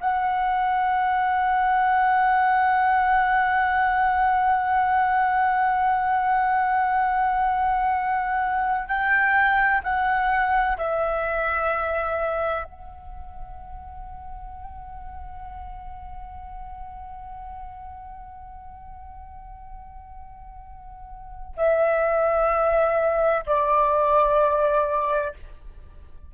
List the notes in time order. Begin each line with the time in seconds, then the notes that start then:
0.00 F#5
8.88 G5
9.83 F#5
10.77 E5
12.64 F#5
21.57 E5
23.46 D5